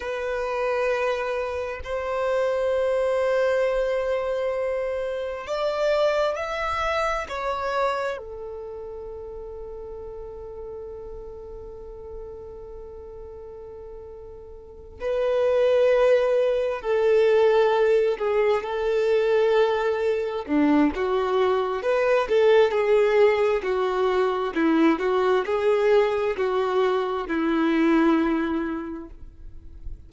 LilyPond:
\new Staff \with { instrumentName = "violin" } { \time 4/4 \tempo 4 = 66 b'2 c''2~ | c''2 d''4 e''4 | cis''4 a'2.~ | a'1~ |
a'8 b'2 a'4. | gis'8 a'2 d'8 fis'4 | b'8 a'8 gis'4 fis'4 e'8 fis'8 | gis'4 fis'4 e'2 | }